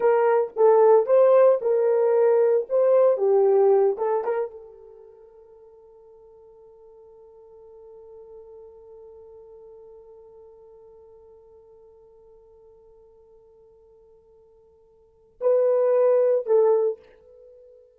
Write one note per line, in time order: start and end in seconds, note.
0.00 0.51 A#4
0.56 1.05 A4
1.05 1.59 C5
1.61 2.67 A#4
2.69 3.17 C5
3.17 3.96 G4
3.97 4.24 A4
4.24 4.51 A#4
4.51 15.39 A4
15.41 16.46 B4
16.46 16.99 A4